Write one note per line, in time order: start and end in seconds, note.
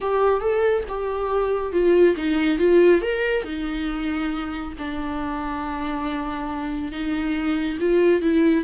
0.01 0.40 G4
0.40 0.83 A4
0.88 1.72 G4
1.72 2.15 F4
2.16 2.58 D#4
2.58 3.01 F4
3.01 3.44 A#4
3.44 4.73 D#4
4.78 6.91 D4
6.91 7.78 D#4
7.79 8.21 F4
8.21 8.64 E4